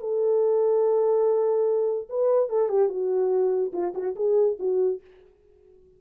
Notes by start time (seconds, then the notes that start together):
0.00 A4
2.09 B4
2.49 A4
2.69 G4
2.89 F#4
3.73 F4
3.94 F#4
4.16 G#4
4.59 F#4